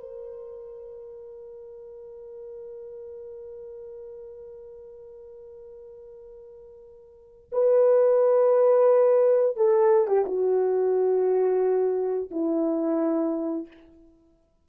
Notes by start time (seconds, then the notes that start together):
0.00 A#4
7.52 B4
9.56 A4
10.07 G4
10.25 F#4
12.30 E4